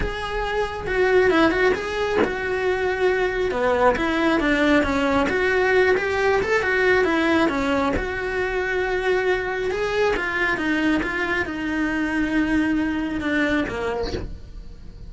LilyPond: \new Staff \with { instrumentName = "cello" } { \time 4/4 \tempo 4 = 136 gis'2 fis'4 e'8 fis'8 | gis'4 fis'2. | b4 e'4 d'4 cis'4 | fis'4. g'4 a'8 fis'4 |
e'4 cis'4 fis'2~ | fis'2 gis'4 f'4 | dis'4 f'4 dis'2~ | dis'2 d'4 ais4 | }